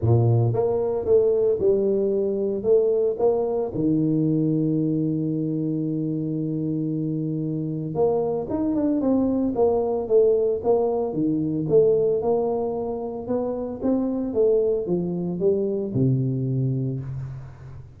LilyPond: \new Staff \with { instrumentName = "tuba" } { \time 4/4 \tempo 4 = 113 ais,4 ais4 a4 g4~ | g4 a4 ais4 dis4~ | dis1~ | dis2. ais4 |
dis'8 d'8 c'4 ais4 a4 | ais4 dis4 a4 ais4~ | ais4 b4 c'4 a4 | f4 g4 c2 | }